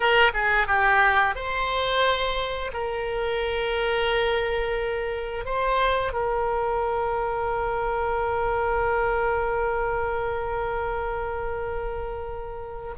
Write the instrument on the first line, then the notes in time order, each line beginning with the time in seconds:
oboe
0.00 A#4
0.33 G#4
0.67 G4
1.35 C5
2.73 A#4
5.45 C5
6.12 A#4